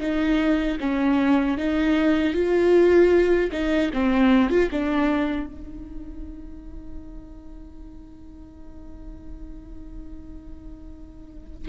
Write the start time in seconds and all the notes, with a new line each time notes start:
0.00 D#4
0.80 C#4
1.58 D#4
2.34 F4
3.52 D#4
3.93 C4
4.50 F4
4.71 D4
5.47 D#4